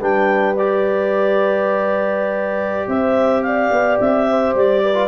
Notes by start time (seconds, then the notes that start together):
0.00 G3 D4 B4 G5
0.56 G4 D5
2.88 C4 C5 E5
3.43 D5 F5
3.72 B3
4.01 C4 E5
4.29 C5
4.54 G3 D5
4.83 B4
4.95 F4